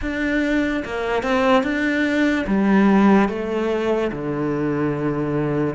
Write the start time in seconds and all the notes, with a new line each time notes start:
0.01 D4
0.84 A#3
1.23 C4
1.63 D4
2.47 G3
3.28 A3
4.11 D3